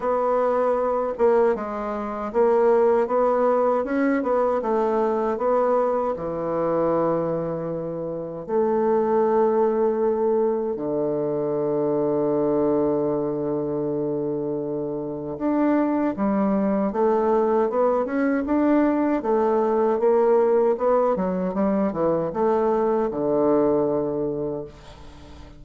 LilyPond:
\new Staff \with { instrumentName = "bassoon" } { \time 4/4 \tempo 4 = 78 b4. ais8 gis4 ais4 | b4 cis'8 b8 a4 b4 | e2. a4~ | a2 d2~ |
d1 | d'4 g4 a4 b8 cis'8 | d'4 a4 ais4 b8 fis8 | g8 e8 a4 d2 | }